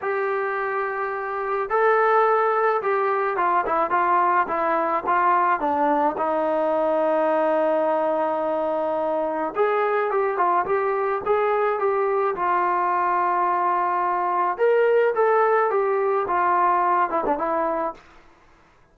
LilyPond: \new Staff \with { instrumentName = "trombone" } { \time 4/4 \tempo 4 = 107 g'2. a'4~ | a'4 g'4 f'8 e'8 f'4 | e'4 f'4 d'4 dis'4~ | dis'1~ |
dis'4 gis'4 g'8 f'8 g'4 | gis'4 g'4 f'2~ | f'2 ais'4 a'4 | g'4 f'4. e'16 d'16 e'4 | }